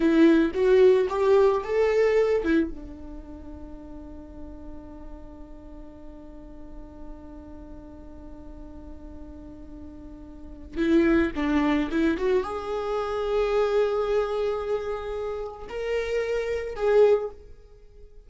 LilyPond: \new Staff \with { instrumentName = "viola" } { \time 4/4 \tempo 4 = 111 e'4 fis'4 g'4 a'4~ | a'8 e'8 d'2.~ | d'1~ | d'1~ |
d'1 | e'4 d'4 e'8 fis'8 gis'4~ | gis'1~ | gis'4 ais'2 gis'4 | }